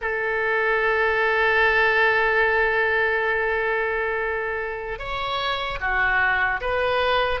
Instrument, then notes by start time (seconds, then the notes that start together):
oboe
0.01 A4
4.99 C#5
5.80 F#4
6.60 B4